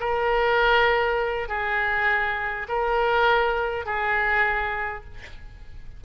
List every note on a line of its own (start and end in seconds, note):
0.00 1.48 A#4
1.48 2.67 G#4
2.68 3.86 A#4
3.86 5.04 G#4